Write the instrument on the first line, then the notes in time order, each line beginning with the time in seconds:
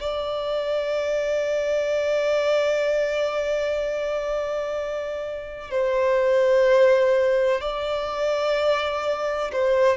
violin
0.00 D5
5.70 C5
7.61 D5
9.52 C5